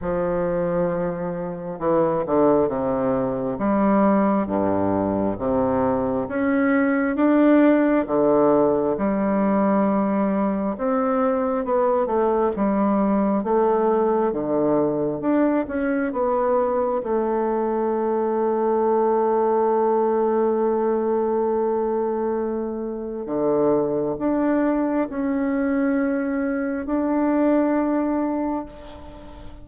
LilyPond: \new Staff \with { instrumentName = "bassoon" } { \time 4/4 \tempo 4 = 67 f2 e8 d8 c4 | g4 g,4 c4 cis'4 | d'4 d4 g2 | c'4 b8 a8 g4 a4 |
d4 d'8 cis'8 b4 a4~ | a1~ | a2 d4 d'4 | cis'2 d'2 | }